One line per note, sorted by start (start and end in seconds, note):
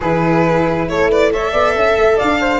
0.00 0.88 E3
0.00 1.33 E4
0.00 0.87 G#4
0.00 0.89 B4
0.88 1.53 A3
0.88 1.09 A4
0.88 1.10 C#5
1.09 1.31 B4
1.09 1.33 D5
1.33 2.60 A4
1.33 1.51 C#5
1.33 2.19 E5
1.51 1.75 B3
1.51 1.73 D5
1.75 1.97 C#4
1.75 2.16 E5
1.97 2.18 A3
2.16 2.60 D4
2.16 2.38 D5
2.16 2.60 F5
2.40 2.60 C5